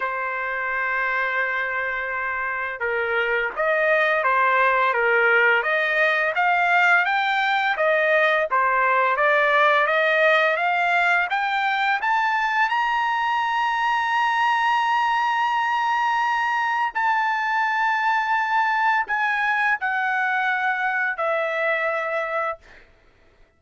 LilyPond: \new Staff \with { instrumentName = "trumpet" } { \time 4/4 \tempo 4 = 85 c''1 | ais'4 dis''4 c''4 ais'4 | dis''4 f''4 g''4 dis''4 | c''4 d''4 dis''4 f''4 |
g''4 a''4 ais''2~ | ais''1 | a''2. gis''4 | fis''2 e''2 | }